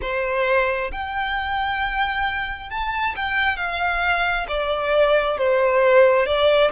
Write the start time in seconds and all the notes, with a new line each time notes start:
0.01 C5
0.91 G5
2.70 A5
3.15 G5
3.56 F5
4.48 D5
5.37 C5
6.26 D5